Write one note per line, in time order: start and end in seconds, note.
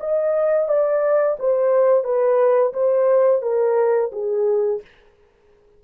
0.00 0.68 D#5
0.68 1.37 D5
1.39 2.04 C5
2.04 2.73 B4
2.73 3.42 C5
3.42 4.11 A#4
4.12 4.81 G#4